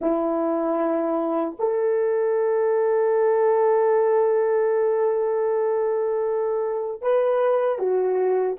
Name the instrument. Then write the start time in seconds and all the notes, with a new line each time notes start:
horn
0.01 E4
1.59 A4
7.01 B4
7.79 F#4